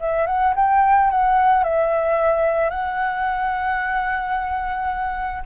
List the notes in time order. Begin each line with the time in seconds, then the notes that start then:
0.00 E5
0.27 F#5
0.56 G5
1.11 F#5
1.64 E5
2.70 F#5